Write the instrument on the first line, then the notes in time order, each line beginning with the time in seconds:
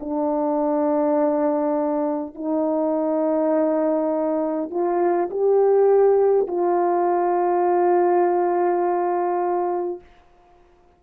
horn
0.00 D4
2.35 D#4
4.70 F4
5.30 G4
6.47 F4